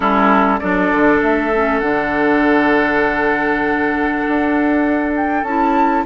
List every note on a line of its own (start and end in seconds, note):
0.00 0.60 G3
0.00 0.59 C#4
0.00 0.59 E4
0.00 0.59 A4
0.59 0.91 F#3
0.59 1.52 D4
0.59 6.05 A4
0.59 1.20 D5
0.91 1.21 D3
1.21 1.81 A3
1.21 1.79 E5
1.54 1.82 C#4
1.79 4.23 D3
1.79 5.45 D4
1.79 5.12 F#5
4.28 5.43 D4
5.16 5.43 G5
5.43 6.03 C#4
5.43 6.05 E4
5.43 6.04 A5